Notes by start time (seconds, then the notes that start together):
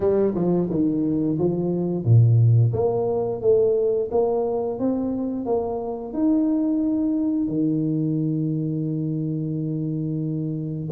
0.00 G3
0.34 F3
0.70 D#3
1.38 F3
2.05 A#2
2.73 A#3
3.41 A3
4.11 A#3
4.79 C4
5.45 A#3
6.13 D#4
7.48 D#3